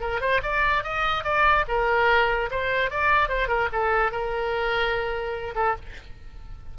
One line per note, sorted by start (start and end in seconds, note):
0.00 0.20 A#4
0.20 0.41 C5
0.42 0.83 D5
0.83 1.24 D#5
1.24 1.65 D5
1.68 2.50 A#4
2.50 2.90 C5
2.90 3.29 D5
3.29 3.48 C5
3.48 3.68 A#4
3.72 4.11 A4
4.11 5.54 A#4
5.55 5.75 A4